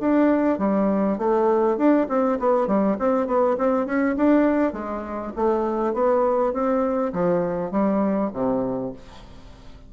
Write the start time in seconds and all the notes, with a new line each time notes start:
0.00 D4
0.58 G3
1.18 A3
1.77 D4
2.08 C4
2.39 B3
2.67 G3
2.99 C4
3.26 B3
3.58 C4
3.86 C#4
4.16 D4
4.73 G#3
5.36 A3
5.93 B3
6.53 C4
7.13 F3
7.71 G3
8.33 C3